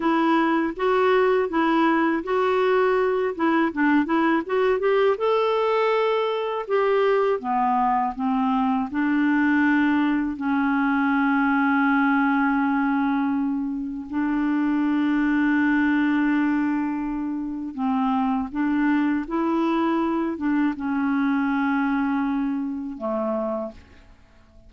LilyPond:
\new Staff \with { instrumentName = "clarinet" } { \time 4/4 \tempo 4 = 81 e'4 fis'4 e'4 fis'4~ | fis'8 e'8 d'8 e'8 fis'8 g'8 a'4~ | a'4 g'4 b4 c'4 | d'2 cis'2~ |
cis'2. d'4~ | d'1 | c'4 d'4 e'4. d'8 | cis'2. a4 | }